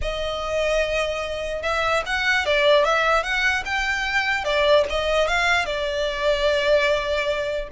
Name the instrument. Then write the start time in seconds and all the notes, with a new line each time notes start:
violin
0.01 D#5
1.62 E5
2.05 F#5
2.45 D5
2.84 E5
3.23 F#5
3.65 G5
4.44 D5
4.89 D#5
5.27 F5
5.65 D5